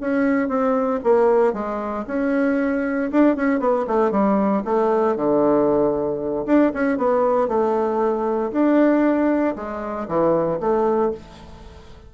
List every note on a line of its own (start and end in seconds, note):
0.00 0.48 C#4
0.48 1.00 C4
1.03 1.53 A#3
1.53 2.05 G#3
2.07 3.10 C#4
3.11 3.36 D4
3.36 3.59 C#4
3.59 3.85 B3
3.87 4.11 A3
4.11 4.62 G3
4.64 5.16 A3
5.16 6.45 D3
6.46 6.71 D4
6.73 6.97 C#4
6.97 7.48 B3
7.48 8.51 A3
8.51 9.55 D4
9.55 10.07 G#3
10.08 10.59 E3
10.59 11.11 A3